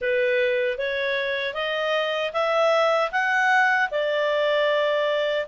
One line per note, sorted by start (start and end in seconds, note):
0.01 0.78 B4
0.78 1.54 C#5
1.54 2.32 D#5
2.33 3.11 E5
3.11 3.89 F#5
3.91 5.47 D5